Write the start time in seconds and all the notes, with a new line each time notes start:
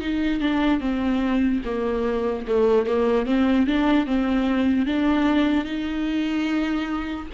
0.00 D#4
0.40 D4
0.80 C4
1.65 A#3
2.47 A3
2.86 A#3
3.26 C4
3.67 D4
4.07 C4
4.86 D4
5.65 D#4